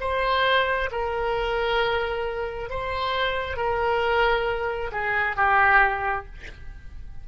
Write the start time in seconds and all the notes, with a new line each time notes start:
0.00 C5
0.91 A#4
2.69 C5
3.57 A#4
4.92 G#4
5.36 G4